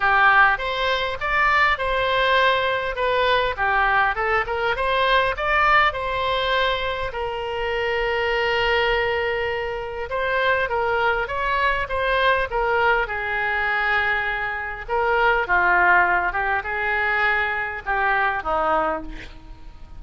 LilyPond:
\new Staff \with { instrumentName = "oboe" } { \time 4/4 \tempo 4 = 101 g'4 c''4 d''4 c''4~ | c''4 b'4 g'4 a'8 ais'8 | c''4 d''4 c''2 | ais'1~ |
ais'4 c''4 ais'4 cis''4 | c''4 ais'4 gis'2~ | gis'4 ais'4 f'4. g'8 | gis'2 g'4 dis'4 | }